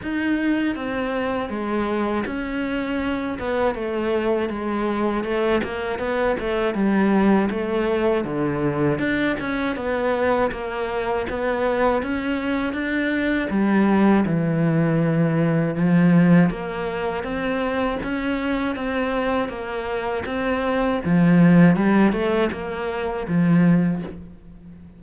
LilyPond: \new Staff \with { instrumentName = "cello" } { \time 4/4 \tempo 4 = 80 dis'4 c'4 gis4 cis'4~ | cis'8 b8 a4 gis4 a8 ais8 | b8 a8 g4 a4 d4 | d'8 cis'8 b4 ais4 b4 |
cis'4 d'4 g4 e4~ | e4 f4 ais4 c'4 | cis'4 c'4 ais4 c'4 | f4 g8 a8 ais4 f4 | }